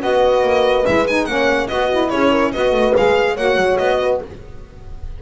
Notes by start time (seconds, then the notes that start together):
0.00 B3 F#4 B4 D#5
0.43 A#3
0.85 G#3 E4 E5
1.07 D#4 G#5
1.26 A#3 C#4 C#5 F#5
1.67 B3 F#4 D#5
1.90 E4
2.10 C#4 G#4 C#5
2.31 A#4
2.53 B3 F#4 B4 D#5
2.72 A3
2.96 G#3 G#4 F5
3.34 A#3 F#4 C#5 F#5
3.57 F#3
3.78 B3 D#5
4.01 B4